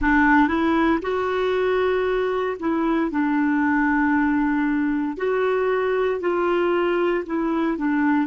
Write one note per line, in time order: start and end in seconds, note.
0.01 0.47 D4
0.47 0.99 E4
1.02 2.57 F#4
2.59 3.10 E4
3.10 5.17 D4
5.17 6.20 F#4
6.20 7.24 F4
7.26 7.77 E4
7.77 8.26 D4